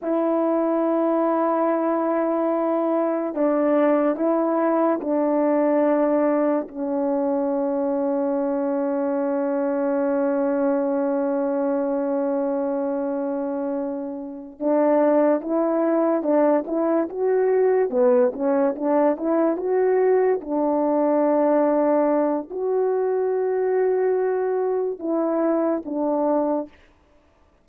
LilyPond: \new Staff \with { instrumentName = "horn" } { \time 4/4 \tempo 4 = 72 e'1 | d'4 e'4 d'2 | cis'1~ | cis'1~ |
cis'4. d'4 e'4 d'8 | e'8 fis'4 b8 cis'8 d'8 e'8 fis'8~ | fis'8 d'2~ d'8 fis'4~ | fis'2 e'4 d'4 | }